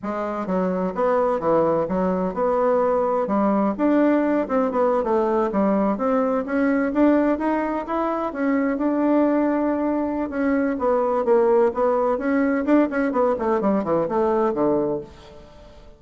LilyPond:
\new Staff \with { instrumentName = "bassoon" } { \time 4/4 \tempo 4 = 128 gis4 fis4 b4 e4 | fis4 b2 g4 | d'4. c'8 b8. a4 g16~ | g8. c'4 cis'4 d'4 dis'16~ |
dis'8. e'4 cis'4 d'4~ d'16~ | d'2 cis'4 b4 | ais4 b4 cis'4 d'8 cis'8 | b8 a8 g8 e8 a4 d4 | }